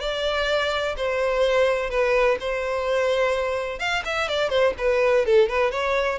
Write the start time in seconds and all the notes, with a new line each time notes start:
0.00 D5
0.97 C5
1.90 B4
2.40 C5
3.79 F5
4.05 E5
4.28 D5
4.50 C5
4.78 B4
5.26 A4
5.48 B4
5.71 C#5